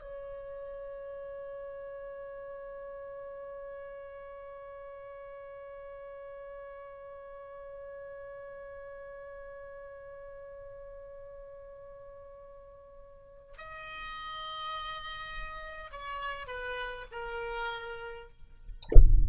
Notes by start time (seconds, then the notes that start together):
0.00 C#5
13.57 D#5
15.91 C#5
16.47 B4
17.11 A#4